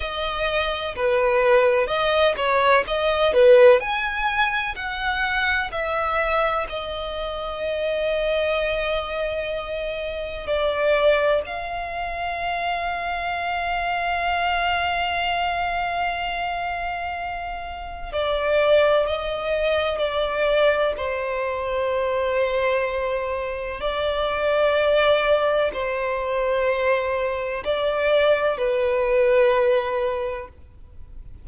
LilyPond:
\new Staff \with { instrumentName = "violin" } { \time 4/4 \tempo 4 = 63 dis''4 b'4 dis''8 cis''8 dis''8 b'8 | gis''4 fis''4 e''4 dis''4~ | dis''2. d''4 | f''1~ |
f''2. d''4 | dis''4 d''4 c''2~ | c''4 d''2 c''4~ | c''4 d''4 b'2 | }